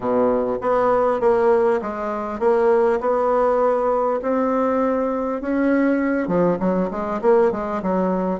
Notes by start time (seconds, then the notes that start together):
0.00 B2
0.61 B3
1.20 A#3
1.81 G#3
2.39 A#3
3.00 B3
4.22 C4
5.41 C#4
6.27 F3
6.59 F#3
6.91 G#3
7.21 A#3
7.51 G#3
7.82 F#3